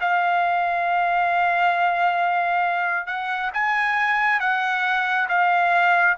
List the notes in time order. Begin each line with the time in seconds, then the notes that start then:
0.00 F5
3.06 F#5
3.53 G#5
4.40 F#5
5.29 F5